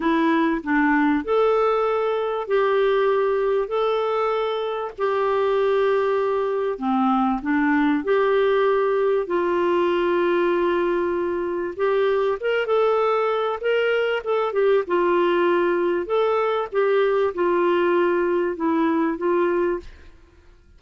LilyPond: \new Staff \with { instrumentName = "clarinet" } { \time 4/4 \tempo 4 = 97 e'4 d'4 a'2 | g'2 a'2 | g'2. c'4 | d'4 g'2 f'4~ |
f'2. g'4 | ais'8 a'4. ais'4 a'8 g'8 | f'2 a'4 g'4 | f'2 e'4 f'4 | }